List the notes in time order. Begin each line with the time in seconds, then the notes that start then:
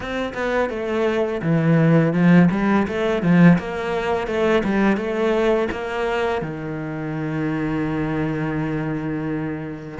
0.00 C4
0.33 B3
0.69 A3
1.42 E3
2.13 F3
2.51 G3
2.87 A3
3.22 F3
3.58 A#3
4.27 A3
4.64 G3
4.96 A3
5.71 A#3
6.41 D#3